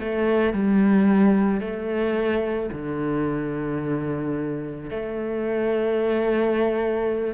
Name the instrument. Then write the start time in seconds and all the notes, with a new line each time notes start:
cello
0.00 A3
0.53 G3
1.61 A3
2.72 D3
4.90 A3